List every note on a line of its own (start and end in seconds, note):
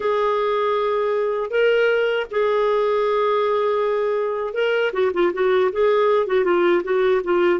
0.00 1.50 G#4
1.50 2.26 A#4
2.31 4.53 G#4
4.53 4.91 A#4
4.92 5.11 F#4
5.13 5.32 F4
5.33 5.71 F#4
5.72 6.27 G#4
6.27 6.44 F#4
6.44 6.82 F4
6.83 7.21 F#4
7.24 7.59 F4